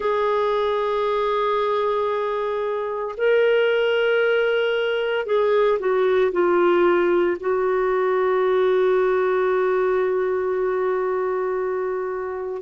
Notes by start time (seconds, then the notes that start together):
0.00 G#4
3.17 A#4
5.26 G#4
5.79 F#4
6.32 F4
7.40 F#4